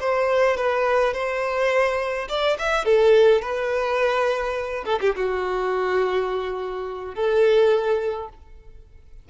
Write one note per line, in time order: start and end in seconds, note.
0.00 0.57 C5
0.57 1.14 B4
1.14 2.28 C5
2.29 2.57 D5
2.59 2.85 E5
2.85 3.42 A4
3.42 4.84 B4
4.85 4.99 A4
5.01 5.15 G4
5.16 7.15 F#4
7.15 8.29 A4